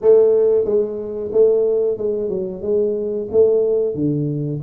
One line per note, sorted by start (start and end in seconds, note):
0.01 0.64 A3
0.64 1.30 G#3
1.32 1.97 A3
1.97 2.29 G#3
2.29 2.62 F#3
2.62 3.28 G#3
3.31 3.94 A3
3.94 4.60 D3